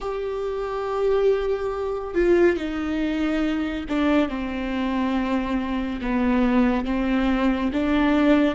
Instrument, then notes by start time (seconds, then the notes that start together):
viola
0.00 G4
2.14 F4
2.56 D#4
3.88 D4
4.28 C4
6.01 B3
6.85 C4
7.73 D4